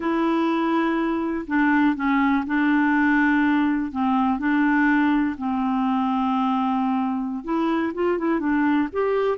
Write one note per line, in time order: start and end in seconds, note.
0.00 1.45 E4
1.47 1.95 D4
1.95 2.44 C#4
2.46 3.91 D4
3.91 4.38 C4
4.38 5.36 D4
5.37 7.43 C4
7.43 7.92 E4
7.94 8.18 F4
8.18 8.39 E4
8.39 8.88 D4
8.92 9.37 G4